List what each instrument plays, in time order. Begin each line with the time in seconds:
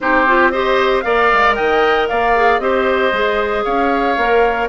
0.00 bassoon C4, clarinet D#4, oboe G4, flute C5
0.27 clarinet F4
0.51 clarinet G4, oboe C5, flute D#5
1.01 bassoon A#3, clarinet A#4, oboe D5, flute F5
1.32 bassoon G#3
1.55 bassoon D#3, oboe D#5, flute G5
2.08 bassoon A#3, oboe D5, flute F5
2.35 clarinet G#4
2.59 bassoon C4, clarinet G4, oboe C5, flute D#5
3.12 bassoon G#3, clarinet G#4
3.64 bassoon C#4, oboe C#5, flute F5
4.17 bassoon A#3, clarinet A#4